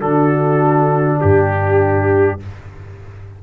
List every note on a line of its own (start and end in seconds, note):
0.00 1.22 D3
0.00 2.40 D4
0.00 1.20 F#4
0.00 1.21 A4
1.21 2.43 G2
1.21 2.41 G4